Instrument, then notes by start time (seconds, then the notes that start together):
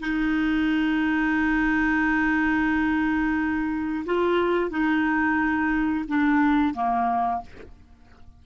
clarinet
0.00 D#4
4.05 F4
4.70 D#4
6.08 D4
6.74 A#3